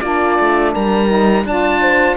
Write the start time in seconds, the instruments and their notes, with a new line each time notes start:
0.00 cello A#3, saxophone D4, horn F4, oboe D5
0.39 cello A3
0.73 cello G3, horn A#4, oboe A#5
1.08 saxophone D#4
1.45 cello D4, saxophone F4, horn D5, oboe A5
1.82 horn C5